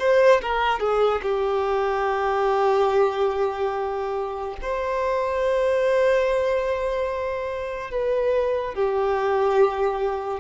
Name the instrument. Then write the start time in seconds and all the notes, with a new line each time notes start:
violin
0.00 C5
0.42 A#4
0.80 G#4
1.23 G4
4.62 C5
7.91 B4
8.75 G4